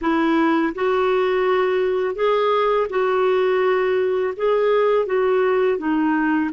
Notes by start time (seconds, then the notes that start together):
0.01 E4
0.75 F#4
2.15 G#4
2.89 F#4
4.36 G#4
5.05 F#4
5.78 D#4